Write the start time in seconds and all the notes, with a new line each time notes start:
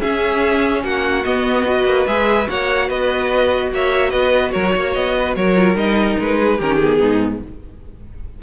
0.00 C#4 G#4 E5
0.83 A#3 F#4 F#5
1.24 B3 D#5
1.66 F#4 B4
1.85 A#3
2.06 G#3 G#4 E5
2.46 A#3 F#4 C#5 F#5
2.87 B3 B4 D#5
3.72 A#3 C#5 E5
4.10 B3 B4 D#5
4.52 F#3 A#4 C#5
4.75 A#3 C#5
4.94 B3 D#5
5.19 B4
5.36 F#3 A#4 C#5
5.56 F4
5.75 G3 D#4 D#5
6.19 G#3 B4
6.38 G#4
6.58 D#3 C#4 G4 A#4
6.76 B3 G#4
6.99 G#2 D#4